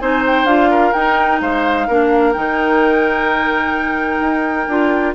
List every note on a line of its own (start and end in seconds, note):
0.00 0.45 C4
0.00 0.47 D#4
0.00 0.71 C5
0.00 0.23 G#5
0.27 0.46 G5
0.45 0.92 D4
0.45 0.94 F4
0.45 0.93 F5
0.71 1.41 A#4
0.93 1.89 D#4
0.93 1.41 D#4
0.93 1.40 G5
1.41 1.88 G#3
1.41 1.88 C5
1.41 2.33 F5
1.88 2.36 A#3
1.88 2.34 D4
1.88 5.15 A#4
2.33 4.20 D#3
2.33 4.69 D#4
2.33 5.15 G5
4.20 4.67 D#4
4.68 5.15 D4
4.68 5.15 F4